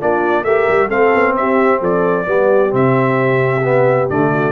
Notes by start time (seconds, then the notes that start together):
0.00 A#3 D4 F4 D5
0.44 A3 G4 A#4 E5
0.69 G3
0.89 A3 C4 A4 F5
1.15 B3
1.37 C4 G4 E5
1.80 F3 A4 D5
2.26 G3 B3 G4
2.70 C3 C4 E5
3.65 B3
4.10 D3 A3 D5
4.33 F#4